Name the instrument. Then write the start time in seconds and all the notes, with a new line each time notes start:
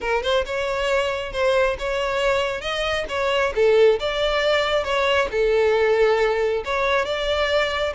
violin
0.00 A#4
0.22 C5
0.45 C#5
1.32 C5
1.78 C#5
2.61 D#5
3.09 C#5
3.55 A4
3.99 D5
4.83 C#5
5.31 A4
6.64 C#5
7.05 D5